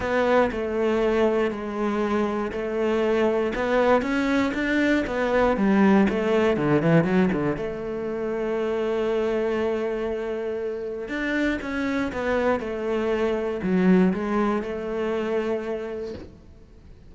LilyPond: \new Staff \with { instrumentName = "cello" } { \time 4/4 \tempo 4 = 119 b4 a2 gis4~ | gis4 a2 b4 | cis'4 d'4 b4 g4 | a4 d8 e8 fis8 d8 a4~ |
a1~ | a2 d'4 cis'4 | b4 a2 fis4 | gis4 a2. | }